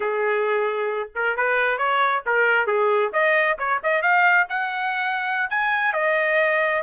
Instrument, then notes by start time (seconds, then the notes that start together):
trumpet
0.00 G#4
1.15 A#4
1.36 B4
1.78 C#5
2.26 A#4
2.66 G#4
3.12 D#5
3.58 C#5
3.83 D#5
4.02 F5
4.49 F#5
5.50 G#5
5.93 D#5